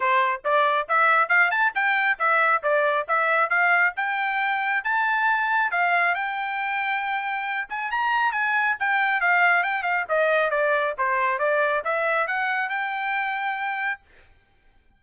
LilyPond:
\new Staff \with { instrumentName = "trumpet" } { \time 4/4 \tempo 4 = 137 c''4 d''4 e''4 f''8 a''8 | g''4 e''4 d''4 e''4 | f''4 g''2 a''4~ | a''4 f''4 g''2~ |
g''4. gis''8 ais''4 gis''4 | g''4 f''4 g''8 f''8 dis''4 | d''4 c''4 d''4 e''4 | fis''4 g''2. | }